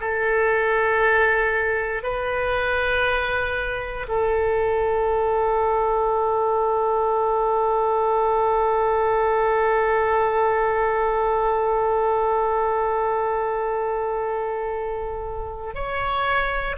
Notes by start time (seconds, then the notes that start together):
0.00 A4
2.03 B4
4.08 A4
15.74 C#5